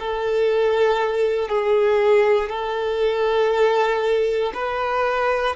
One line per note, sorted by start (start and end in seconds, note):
0.00 1.49 A4
1.49 2.49 G#4
2.49 4.53 A4
4.54 5.56 B4